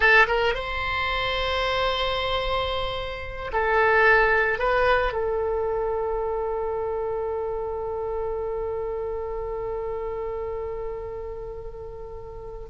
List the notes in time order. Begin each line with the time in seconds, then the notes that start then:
0.00 A4
0.27 A#4
0.54 C5
3.53 A4
4.58 B4
5.13 A4